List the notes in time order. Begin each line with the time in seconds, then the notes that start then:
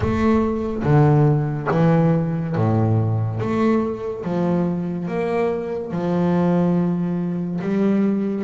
0.00 A3
0.83 D3
1.71 E3
2.55 A2
3.40 A3
4.23 F3
5.07 A#3
5.91 F3
7.61 G3